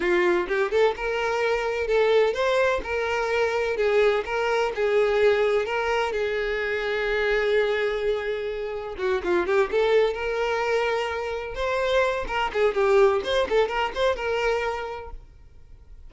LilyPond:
\new Staff \with { instrumentName = "violin" } { \time 4/4 \tempo 4 = 127 f'4 g'8 a'8 ais'2 | a'4 c''4 ais'2 | gis'4 ais'4 gis'2 | ais'4 gis'2.~ |
gis'2. fis'8 f'8 | g'8 a'4 ais'2~ ais'8~ | ais'8 c''4. ais'8 gis'8 g'4 | c''8 a'8 ais'8 c''8 ais'2 | }